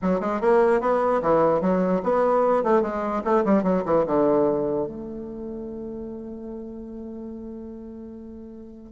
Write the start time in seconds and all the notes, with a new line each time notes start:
0.02 F#3
0.20 G#3
0.41 A#3
0.81 B3
1.22 E3
1.61 F#3
2.03 B3
2.63 A3
2.82 G#3
3.24 A3
3.44 G3
3.63 F#3
3.85 E3
4.06 D3
4.86 A3